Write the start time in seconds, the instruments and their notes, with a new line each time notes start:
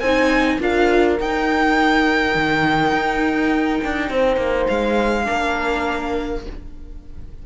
0.00 cello C4, viola D#4, horn C5, violin G#5
0.60 cello D4, viola F4, horn A#4, violin F5
1.20 cello D#4, viola D#4, violin G5
2.35 cello D#3
2.92 cello D#4
3.84 cello D4
4.10 cello C4, horn C5
4.37 cello A#3
4.68 cello G#3, violin F5
5.24 viola D4, horn A#4
5.30 cello A#3